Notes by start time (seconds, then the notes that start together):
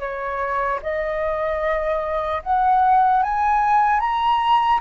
0.00 C#5
0.83 D#5
2.43 F#5
3.23 G#5
4.00 A#5